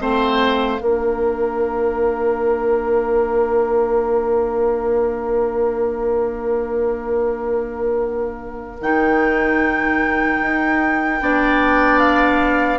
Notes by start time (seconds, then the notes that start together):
0.00 A3 C4 C5 F5
0.79 A#3 D4 A#4
8.80 D#3 D#4 G5
10.41 D#4
11.21 B3 D4 D5
11.99 F5